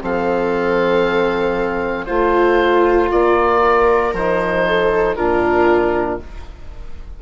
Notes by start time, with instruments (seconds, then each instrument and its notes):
0.00 bassoon F3, trombone C4, viola A4, oboe F5
2.06 bassoon A3, trombone F4, viola F4, oboe C5
3.12 bassoon A#3, oboe D5
3.64 viola A#4
4.13 bassoon F3, trombone D#4, oboe C5
4.67 viola A4
5.16 bassoon A#2, trombone D4, viola F4, oboe A#4